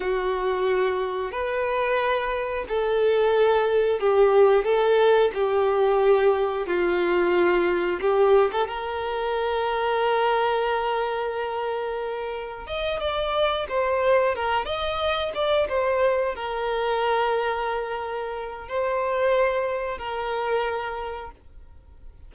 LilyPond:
\new Staff \with { instrumentName = "violin" } { \time 4/4 \tempo 4 = 90 fis'2 b'2 | a'2 g'4 a'4 | g'2 f'2 | g'8. a'16 ais'2.~ |
ais'2. dis''8 d''8~ | d''8 c''4 ais'8 dis''4 d''8 c''8~ | c''8 ais'2.~ ais'8 | c''2 ais'2 | }